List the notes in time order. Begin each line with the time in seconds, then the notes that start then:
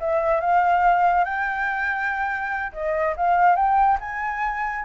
0.00 E5
0.41 F5
1.24 G5
2.73 D#5
3.17 F5
3.56 G5
4.00 G#5